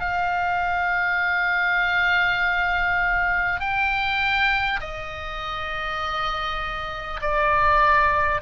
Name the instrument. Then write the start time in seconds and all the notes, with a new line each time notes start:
oboe
0.00 F5
3.59 G5
4.80 D#5
7.21 D5